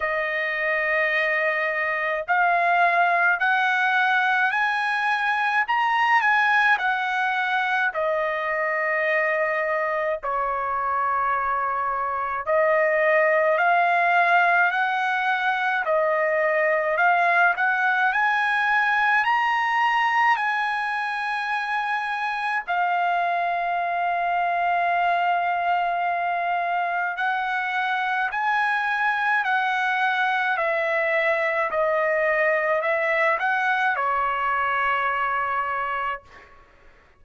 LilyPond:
\new Staff \with { instrumentName = "trumpet" } { \time 4/4 \tempo 4 = 53 dis''2 f''4 fis''4 | gis''4 ais''8 gis''8 fis''4 dis''4~ | dis''4 cis''2 dis''4 | f''4 fis''4 dis''4 f''8 fis''8 |
gis''4 ais''4 gis''2 | f''1 | fis''4 gis''4 fis''4 e''4 | dis''4 e''8 fis''8 cis''2 | }